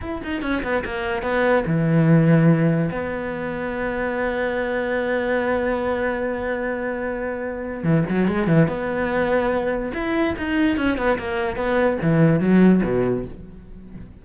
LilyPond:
\new Staff \with { instrumentName = "cello" } { \time 4/4 \tempo 4 = 145 e'8 dis'8 cis'8 b8 ais4 b4 | e2. b4~ | b1~ | b1~ |
b2. e8 fis8 | gis8 e8 b2. | e'4 dis'4 cis'8 b8 ais4 | b4 e4 fis4 b,4 | }